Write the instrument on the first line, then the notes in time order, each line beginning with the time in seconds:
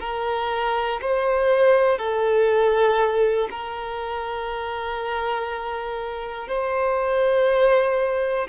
violin
0.00 A#4
1.01 C5
1.98 A4
3.50 A#4
6.48 C5